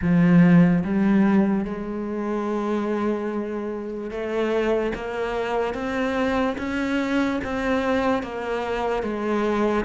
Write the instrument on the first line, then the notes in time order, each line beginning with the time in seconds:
cello
0.01 F3
0.84 G3
1.64 G#3
4.10 A3
4.94 A#3
5.73 C4
6.58 C#4
7.44 C4
8.22 A#3
9.02 G#3